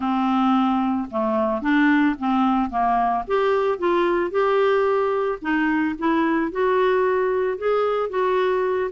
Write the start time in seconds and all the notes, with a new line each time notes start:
0.00 C4
1.11 A3
1.61 D4
2.19 C4
2.70 A#3
3.27 G4
3.78 F4
4.30 G4
5.41 D#4
5.98 E4
6.51 F#4
7.58 G#4
8.09 F#4